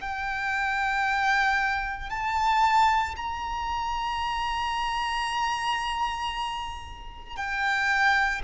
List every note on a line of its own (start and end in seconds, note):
0.00 2.10 G5
2.10 3.15 A5
3.16 7.36 A#5
7.36 8.41 G5